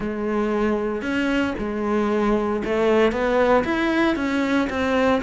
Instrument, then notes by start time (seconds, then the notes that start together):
cello
0.00 G#3
1.02 C#4
1.58 G#3
2.64 A3
3.11 B3
3.64 E4
4.16 C#4
4.69 C4